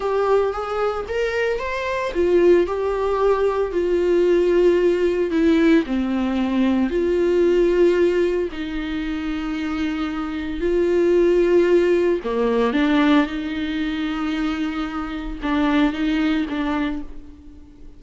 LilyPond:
\new Staff \with { instrumentName = "viola" } { \time 4/4 \tempo 4 = 113 g'4 gis'4 ais'4 c''4 | f'4 g'2 f'4~ | f'2 e'4 c'4~ | c'4 f'2. |
dis'1 | f'2. ais4 | d'4 dis'2.~ | dis'4 d'4 dis'4 d'4 | }